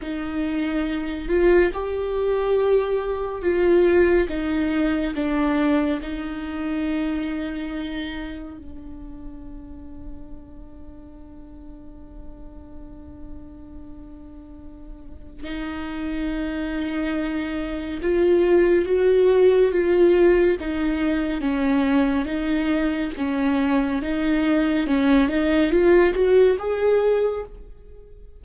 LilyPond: \new Staff \with { instrumentName = "viola" } { \time 4/4 \tempo 4 = 70 dis'4. f'8 g'2 | f'4 dis'4 d'4 dis'4~ | dis'2 d'2~ | d'1~ |
d'2 dis'2~ | dis'4 f'4 fis'4 f'4 | dis'4 cis'4 dis'4 cis'4 | dis'4 cis'8 dis'8 f'8 fis'8 gis'4 | }